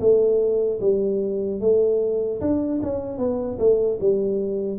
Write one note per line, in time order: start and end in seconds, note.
0.00 0.80 A3
0.80 1.60 G3
1.60 2.40 A3
2.41 2.81 D4
2.83 3.18 C#4
3.18 3.58 B3
3.59 3.99 A3
4.00 4.79 G3